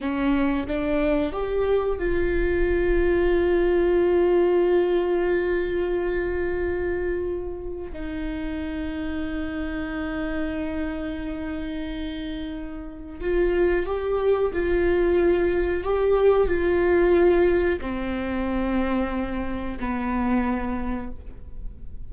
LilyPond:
\new Staff \with { instrumentName = "viola" } { \time 4/4 \tempo 4 = 91 cis'4 d'4 g'4 f'4~ | f'1~ | f'1 | dis'1~ |
dis'1 | f'4 g'4 f'2 | g'4 f'2 c'4~ | c'2 b2 | }